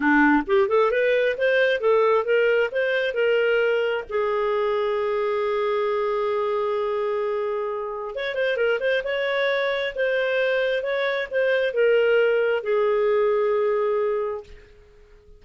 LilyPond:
\new Staff \with { instrumentName = "clarinet" } { \time 4/4 \tempo 4 = 133 d'4 g'8 a'8 b'4 c''4 | a'4 ais'4 c''4 ais'4~ | ais'4 gis'2.~ | gis'1~ |
gis'2 cis''8 c''8 ais'8 c''8 | cis''2 c''2 | cis''4 c''4 ais'2 | gis'1 | }